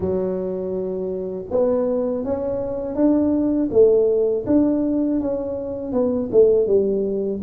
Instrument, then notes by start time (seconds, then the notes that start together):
tuba
0.00 F#3
1.50 B3
2.24 C#4
2.95 D4
3.71 A3
4.46 D4
5.20 C#4
5.92 B3
6.31 A3
6.66 G3